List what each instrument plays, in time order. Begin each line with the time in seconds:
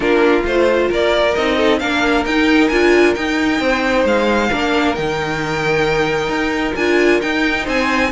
0.00 cello A#3, viola D4, violin F4 A#4
0.42 cello A3, viola F4, violin C5
0.88 cello A#3, violin A#4 D5
1.34 cello C4, viola D#4, violin D#5
1.56 violin A4
1.79 cello A#3, viola D4, violin A#4 F5
2.25 cello D#4, viola D#4, violin G5
2.68 cello D4, viola F4, violin G#5
3.15 viola D#4, cello D#4, violin G5
3.59 cello C4, violin C5
4.04 cello G#3, violin F5
4.50 cello A#3, viola D4, violin A#4
4.94 cello D#3, viola D#4, violin G5
6.28 cello D#4
6.75 cello D4, viola F4, violin G#5
7.21 viola D#4, cello D#4, violin G5
7.63 cello C4, violin C5 G#5